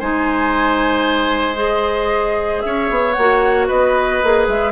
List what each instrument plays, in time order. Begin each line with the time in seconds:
0.00 bassoon G#3, clarinet D#4, oboe C5, flute G#5
1.56 clarinet G#4, flute D#5
2.61 bassoon C#4, oboe C#5, flute E5
2.90 bassoon B3
3.13 bassoon A#3, flute F#5
3.20 clarinet F#4
3.68 bassoon B3, oboe B4, flute D#5
4.23 bassoon A#3, clarinet G#4
4.48 bassoon G#3, flute E5